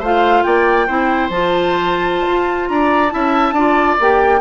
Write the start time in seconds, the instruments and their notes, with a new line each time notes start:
0.00 bassoon A3, clarinet F4, oboe C5, flute F5
0.44 bassoon A#3, oboe D5, flute G5
0.87 bassoon C4, clarinet E4, oboe C5
1.30 bassoon F3, clarinet F4, flute A5
2.27 bassoon F4
2.69 bassoon D4, oboe D5, flute A#5
3.10 bassoon C#4, clarinet E4, oboe E5, flute A5
3.53 bassoon D4, clarinet F4, oboe D5
4.00 bassoon A#3, clarinet G4, flute G5